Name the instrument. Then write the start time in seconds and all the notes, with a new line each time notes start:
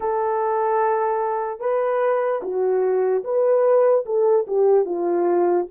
horn
0.00 A4
1.60 B4
2.42 F#4
3.24 B4
4.05 A4
4.47 G4
4.85 F4